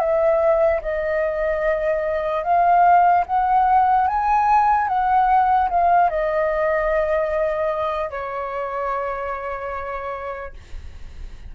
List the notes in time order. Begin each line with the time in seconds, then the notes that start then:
0.00 E5
0.82 D#5
2.44 F5
3.27 F#5
4.08 G#5
4.88 F#5
5.70 F5
6.10 D#5
8.11 C#5